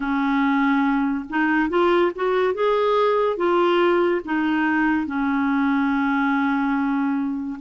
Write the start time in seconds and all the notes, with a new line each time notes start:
0.00 C#4
1.29 D#4
1.69 F4
2.15 F#4
2.54 G#4
3.36 F4
4.24 D#4
5.06 C#4